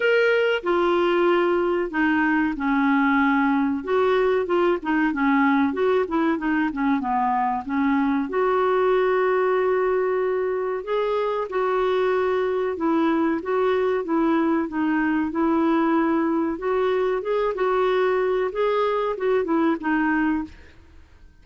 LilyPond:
\new Staff \with { instrumentName = "clarinet" } { \time 4/4 \tempo 4 = 94 ais'4 f'2 dis'4 | cis'2 fis'4 f'8 dis'8 | cis'4 fis'8 e'8 dis'8 cis'8 b4 | cis'4 fis'2.~ |
fis'4 gis'4 fis'2 | e'4 fis'4 e'4 dis'4 | e'2 fis'4 gis'8 fis'8~ | fis'4 gis'4 fis'8 e'8 dis'4 | }